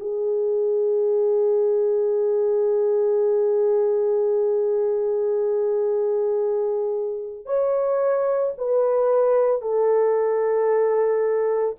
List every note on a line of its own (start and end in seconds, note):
0.00 7.46 G#4
7.46 8.53 C#5
8.58 9.61 B4
9.61 11.76 A4